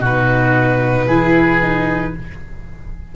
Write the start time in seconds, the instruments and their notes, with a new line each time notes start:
0.00 tuba B2, viola D#4, oboe F#4, violin B4
1.07 tuba E3, viola E4, oboe G#4
1.62 viola D#4